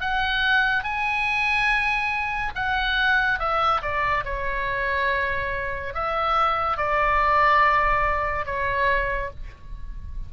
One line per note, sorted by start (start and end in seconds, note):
0.00 0.83 F#5
0.83 2.52 G#5
2.55 3.39 F#5
3.39 3.81 E5
3.81 4.24 D5
4.25 5.94 C#5
5.94 6.77 E5
6.77 8.45 D5
8.45 9.30 C#5